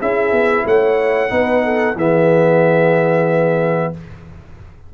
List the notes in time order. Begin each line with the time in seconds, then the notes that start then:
0.00 C#4 E4 G#4 E5
0.32 B3
0.65 A3 C#5 F#5
1.29 B3 D#4 B4
1.64 A4
1.96 E3 B3 G#4 E5